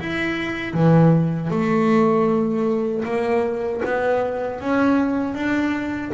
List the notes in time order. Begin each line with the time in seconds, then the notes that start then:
0.00 E4
0.73 E3
1.50 A3
3.05 A#3
3.85 B3
4.61 C#4
5.35 D4